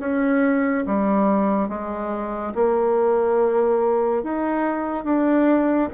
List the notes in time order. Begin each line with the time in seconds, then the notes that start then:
0.00 C#4
0.87 G3
1.69 G#3
2.55 A#3
4.23 D#4
5.04 D4